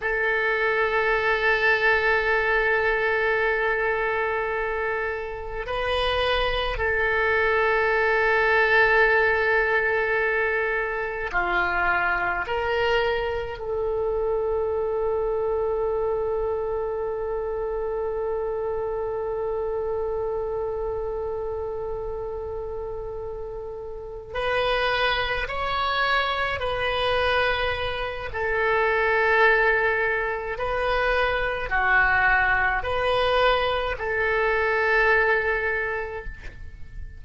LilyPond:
\new Staff \with { instrumentName = "oboe" } { \time 4/4 \tempo 4 = 53 a'1~ | a'4 b'4 a'2~ | a'2 f'4 ais'4 | a'1~ |
a'1~ | a'4. b'4 cis''4 b'8~ | b'4 a'2 b'4 | fis'4 b'4 a'2 | }